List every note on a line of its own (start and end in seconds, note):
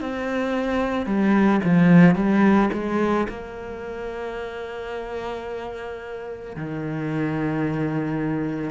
0.00 1.06 C4
1.06 1.60 G3
1.64 2.15 F3
2.15 2.70 G3
2.73 3.27 G#3
3.29 6.56 A#3
6.56 8.70 D#3